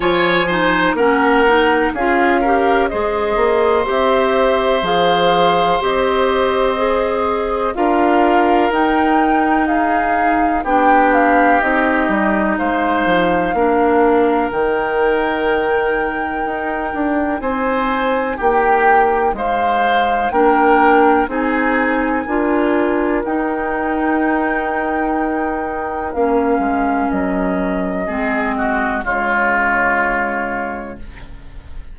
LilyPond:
<<
  \new Staff \with { instrumentName = "flute" } { \time 4/4 \tempo 4 = 62 gis''4 fis''4 f''4 dis''4 | e''4 f''4 dis''2 | f''4 g''4 f''4 g''8 f''8 | dis''4 f''2 g''4~ |
g''2 gis''4 g''4 | f''4 g''4 gis''2 | g''2. f''4 | dis''2 cis''2 | }
  \new Staff \with { instrumentName = "oboe" } { \time 4/4 cis''8 c''8 ais'4 gis'8 ais'8 c''4~ | c''1 | ais'2 gis'4 g'4~ | g'4 c''4 ais'2~ |
ais'2 c''4 g'4 | c''4 ais'4 gis'4 ais'4~ | ais'1~ | ais'4 gis'8 fis'8 f'2 | }
  \new Staff \with { instrumentName = "clarinet" } { \time 4/4 f'8 dis'8 cis'8 dis'8 f'8 g'8 gis'4 | g'4 gis'4 g'4 gis'4 | f'4 dis'2 d'4 | dis'2 d'4 dis'4~ |
dis'1~ | dis'4 d'4 dis'4 f'4 | dis'2. cis'4~ | cis'4 c'4 gis2 | }
  \new Staff \with { instrumentName = "bassoon" } { \time 4/4 f4 ais4 cis'4 gis8 ais8 | c'4 f4 c'2 | d'4 dis'2 b4 | c'8 g8 gis8 f8 ais4 dis4~ |
dis4 dis'8 d'8 c'4 ais4 | gis4 ais4 c'4 d'4 | dis'2. ais8 gis8 | fis4 gis4 cis2 | }
>>